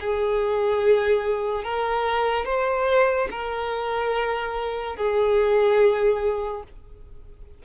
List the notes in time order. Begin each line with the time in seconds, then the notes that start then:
0.00 G#4
1.64 A#4
2.45 C5
3.30 A#4
4.96 G#4